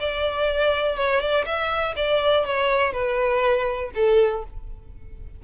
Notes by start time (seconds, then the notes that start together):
0.00 D5
0.97 C#5
1.20 D5
1.46 E5
1.96 D5
2.45 C#5
2.93 B4
3.95 A4